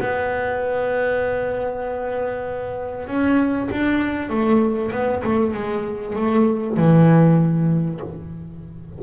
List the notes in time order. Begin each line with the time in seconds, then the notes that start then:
0.00 B3
3.07 C#4
3.71 D4
4.30 A3
4.91 B3
5.24 A3
5.54 G#3
6.16 A3
6.77 E3